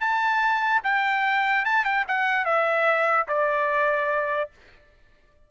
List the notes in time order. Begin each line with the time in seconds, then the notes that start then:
0.00 A5
0.83 G5
1.65 A5
1.84 G5
2.08 F#5
2.45 E5
3.27 D5